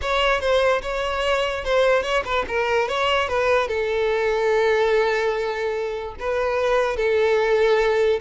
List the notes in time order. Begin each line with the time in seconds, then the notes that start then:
0.01 C#5
0.40 C5
0.82 C#5
1.64 C5
2.02 C#5
2.24 B4
2.48 A#4
2.88 C#5
3.28 B4
3.68 A4
6.19 B4
6.96 A4